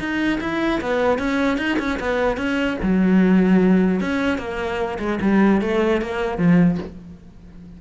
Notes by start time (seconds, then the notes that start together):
0.00 D#4
0.41 E4
0.82 B3
1.19 C#4
1.58 D#4
1.79 C#4
2.00 B3
2.37 C#4
2.83 F#3
4.01 C#4
4.39 A#3
5.00 G#3
5.22 G3
5.62 A3
6.02 A#3
6.38 F3